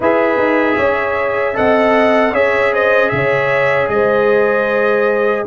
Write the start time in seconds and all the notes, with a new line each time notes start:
0.00 E4 G#4 B4 E5
0.37 D#4
0.76 C#4 C#5
1.54 C4 A4 D#5 F#5
2.32 C#4 G#4 C#5 E5
2.73 C5 D#5
3.09 C#3 C#5 E5
3.88 G#3 C5 D#5